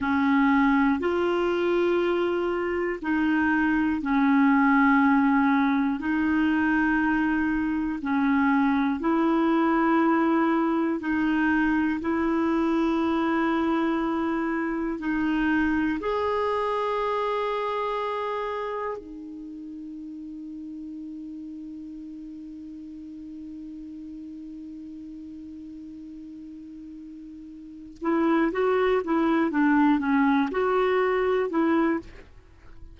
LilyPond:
\new Staff \with { instrumentName = "clarinet" } { \time 4/4 \tempo 4 = 60 cis'4 f'2 dis'4 | cis'2 dis'2 | cis'4 e'2 dis'4 | e'2. dis'4 |
gis'2. dis'4~ | dis'1~ | dis'1 | e'8 fis'8 e'8 d'8 cis'8 fis'4 e'8 | }